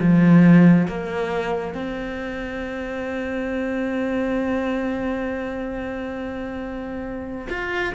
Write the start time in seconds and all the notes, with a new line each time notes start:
0.00 F3
0.87 A#3
1.74 C4
7.49 F4